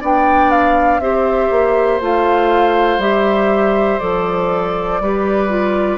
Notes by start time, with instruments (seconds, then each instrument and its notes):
0.00 bassoon B3, clarinet D4, oboe D5, flute G5
0.51 flute F5
0.99 bassoon C4, clarinet G4, oboe C5, flute E5
1.50 bassoon A#3
2.01 bassoon A3, clarinet F4, flute F5
2.98 bassoon G3, clarinet G4, flute E5
3.99 bassoon F3, clarinet A4, flute D5
5.00 bassoon G3, clarinet G4, oboe B4
5.48 clarinet F4